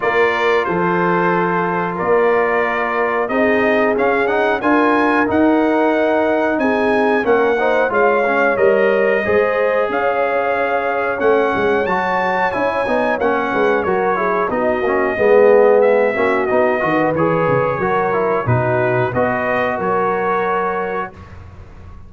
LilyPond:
<<
  \new Staff \with { instrumentName = "trumpet" } { \time 4/4 \tempo 4 = 91 d''4 c''2 d''4~ | d''4 dis''4 f''8 fis''8 gis''4 | fis''2 gis''4 fis''4 | f''4 dis''2 f''4~ |
f''4 fis''4 a''4 gis''4 | fis''4 cis''4 dis''2 | e''4 dis''4 cis''2 | b'4 dis''4 cis''2 | }
  \new Staff \with { instrumentName = "horn" } { \time 4/4 ais'4 a'2 ais'4~ | ais'4 gis'2 ais'4~ | ais'2 gis'4 ais'8 c''8 | cis''2 c''4 cis''4~ |
cis''1~ | cis''8 b'8 ais'8 gis'8 fis'4 gis'4~ | gis'8 fis'4 b'4. ais'4 | fis'4 b'4 ais'2 | }
  \new Staff \with { instrumentName = "trombone" } { \time 4/4 f'1~ | f'4 dis'4 cis'8 dis'8 f'4 | dis'2. cis'8 dis'8 | f'8 cis'8 ais'4 gis'2~ |
gis'4 cis'4 fis'4 e'8 dis'8 | cis'4 fis'8 e'8 dis'8 cis'8 b4~ | b8 cis'8 dis'8 fis'8 gis'4 fis'8 e'8 | dis'4 fis'2. | }
  \new Staff \with { instrumentName = "tuba" } { \time 4/4 ais4 f2 ais4~ | ais4 c'4 cis'4 d'4 | dis'2 c'4 ais4 | gis4 g4 gis4 cis'4~ |
cis'4 a8 gis8 fis4 cis'8 b8 | ais8 gis8 fis4 b8 ais8 gis4~ | gis8 ais8 b8 dis8 e8 cis8 fis4 | b,4 b4 fis2 | }
>>